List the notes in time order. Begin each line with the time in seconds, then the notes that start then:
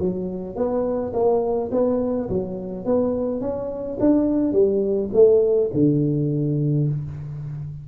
0.00 F#3
0.56 B3
1.14 A#3
1.72 B3
2.30 F#3
2.86 B3
3.41 C#4
4.01 D4
4.53 G3
5.14 A3
5.74 D3